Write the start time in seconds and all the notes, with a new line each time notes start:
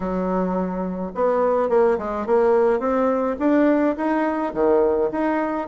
0.00 F#3
1.14 B3
1.69 A#3
1.98 G#3
2.26 A#3
2.79 C4
3.39 D4
3.96 D#4
4.53 D#3
5.11 D#4